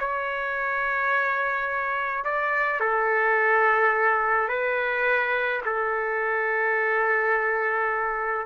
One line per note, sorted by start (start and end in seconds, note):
0.00 2.25 C#5
2.25 2.80 D5
2.80 4.49 A4
4.49 5.62 B4
5.66 8.46 A4